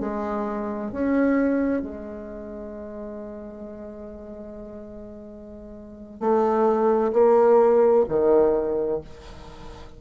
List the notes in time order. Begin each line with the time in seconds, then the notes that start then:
0.00 G#3
0.92 C#4
1.82 G#3
6.20 A3
7.13 A#3
8.09 D#3